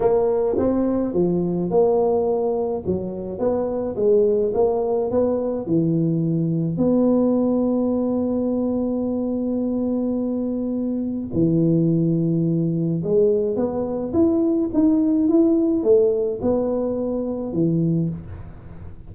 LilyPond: \new Staff \with { instrumentName = "tuba" } { \time 4/4 \tempo 4 = 106 ais4 c'4 f4 ais4~ | ais4 fis4 b4 gis4 | ais4 b4 e2 | b1~ |
b1 | e2. gis4 | b4 e'4 dis'4 e'4 | a4 b2 e4 | }